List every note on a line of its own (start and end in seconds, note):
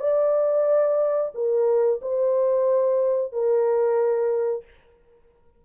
0.00 1.32 D5
1.35 2.00 A#4
2.02 3.33 C5
3.33 4.65 A#4